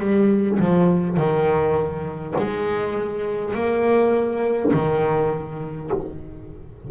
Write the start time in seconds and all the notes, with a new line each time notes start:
0.00 G3
0.60 F3
1.17 D#3
2.38 G#3
3.55 A#3
4.73 D#3